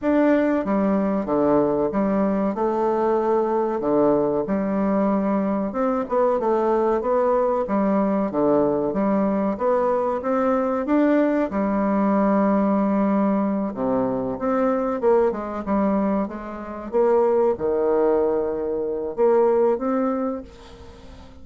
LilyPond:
\new Staff \with { instrumentName = "bassoon" } { \time 4/4 \tempo 4 = 94 d'4 g4 d4 g4 | a2 d4 g4~ | g4 c'8 b8 a4 b4 | g4 d4 g4 b4 |
c'4 d'4 g2~ | g4. c4 c'4 ais8 | gis8 g4 gis4 ais4 dis8~ | dis2 ais4 c'4 | }